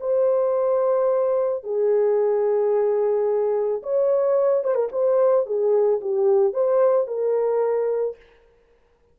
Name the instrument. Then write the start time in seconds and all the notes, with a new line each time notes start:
horn
0.00 C5
1.64 G#4
3.83 C#5
4.64 C5
4.75 A#4
4.92 C5
5.46 G#4
6.01 G4
6.53 C5
7.08 A#4